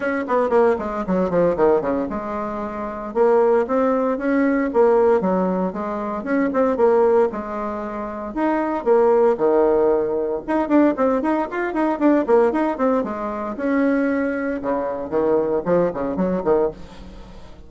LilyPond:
\new Staff \with { instrumentName = "bassoon" } { \time 4/4 \tempo 4 = 115 cis'8 b8 ais8 gis8 fis8 f8 dis8 cis8 | gis2 ais4 c'4 | cis'4 ais4 fis4 gis4 | cis'8 c'8 ais4 gis2 |
dis'4 ais4 dis2 | dis'8 d'8 c'8 dis'8 f'8 dis'8 d'8 ais8 | dis'8 c'8 gis4 cis'2 | cis4 dis4 f8 cis8 fis8 dis8 | }